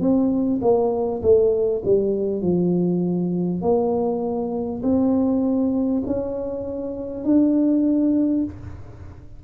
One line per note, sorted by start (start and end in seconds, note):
0.00 0.60 C4
0.62 1.22 A#3
1.23 1.83 A3
1.85 2.42 G3
2.42 3.62 F3
3.62 4.82 A#3
4.83 6.03 C4
6.07 7.24 C#4
7.24 8.44 D4